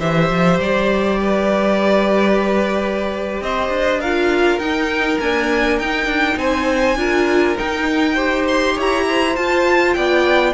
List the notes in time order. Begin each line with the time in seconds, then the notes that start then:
0.00 E3 G4 C5 E5
0.30 F3
0.59 G3 D5
1.20 B4
3.41 C4 C5 D#5
3.68 D4
4.00 F4 A#4 F5
4.59 D#4 G5
5.20 A#3 D4 G#5
5.79 D#4 G5
6.06 D4
6.36 C4 C5 G#5
6.95 D4 F4 A#4
7.57 D#4 G5
8.14 G4 C5
8.48 C6
8.75 E4 C#5 A#5
9.08 C5
9.36 F4 A5
9.94 B3 D5 G5